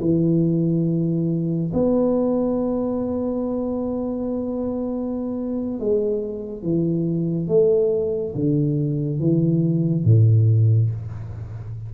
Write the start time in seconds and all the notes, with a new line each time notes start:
0.00 E3
1.73 B3
5.79 G#3
6.63 E3
7.48 A3
8.35 D3
9.19 E3
10.04 A2